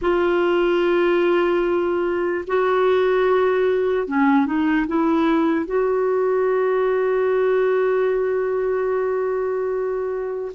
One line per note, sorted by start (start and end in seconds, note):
0.01 2.45 F4
2.47 4.07 F#4
4.07 4.46 C#4
4.46 4.86 D#4
4.87 5.65 E4
5.65 10.52 F#4